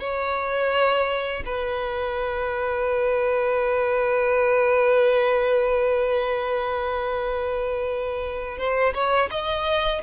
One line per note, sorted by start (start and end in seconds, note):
0.00 1.43 C#5
1.45 8.58 B4
8.58 8.94 C5
8.94 9.30 C#5
9.31 10.02 D#5